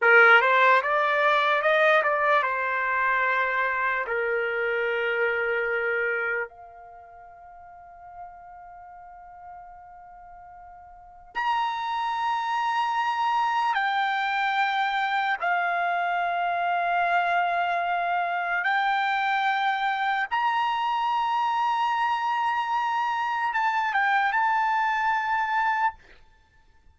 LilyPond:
\new Staff \with { instrumentName = "trumpet" } { \time 4/4 \tempo 4 = 74 ais'8 c''8 d''4 dis''8 d''8 c''4~ | c''4 ais'2. | f''1~ | f''2 ais''2~ |
ais''4 g''2 f''4~ | f''2. g''4~ | g''4 ais''2.~ | ais''4 a''8 g''8 a''2 | }